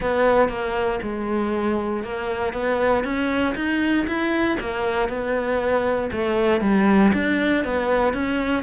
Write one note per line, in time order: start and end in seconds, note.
0.00 0.49 B3
0.49 0.99 A#3
1.02 2.03 G#3
2.03 2.53 A#3
2.53 3.03 B3
3.04 3.55 C#4
3.55 4.06 D#4
4.07 4.58 E4
4.59 5.08 A#3
5.08 6.10 B3
6.12 6.61 A3
6.61 7.11 G3
7.13 7.64 D4
7.64 8.13 B3
8.13 8.63 C#4